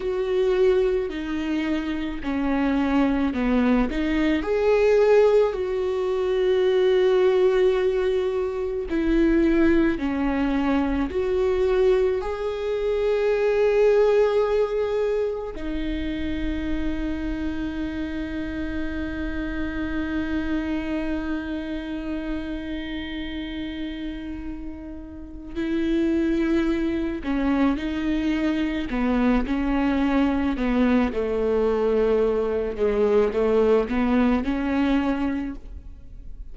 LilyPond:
\new Staff \with { instrumentName = "viola" } { \time 4/4 \tempo 4 = 54 fis'4 dis'4 cis'4 b8 dis'8 | gis'4 fis'2. | e'4 cis'4 fis'4 gis'4~ | gis'2 dis'2~ |
dis'1~ | dis'2. e'4~ | e'8 cis'8 dis'4 b8 cis'4 b8 | a4. gis8 a8 b8 cis'4 | }